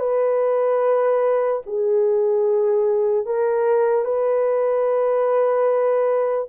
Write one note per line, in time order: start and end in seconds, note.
0.00 1.62 B4
1.67 3.27 G#4
3.27 4.05 A#4
4.05 6.48 B4